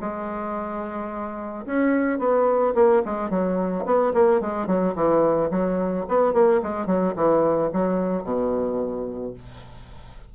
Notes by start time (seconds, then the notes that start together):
0.00 G#3
1.66 C#4
2.18 B3
2.75 A#3
3.05 G#3
3.30 F#3
3.85 B3
4.13 A#3
4.40 G#3
4.66 F#3
4.95 E3
5.50 F#3
6.08 B3
6.33 A#3
6.62 G#3
6.86 F#3
7.15 E3
7.72 F#3
8.23 B2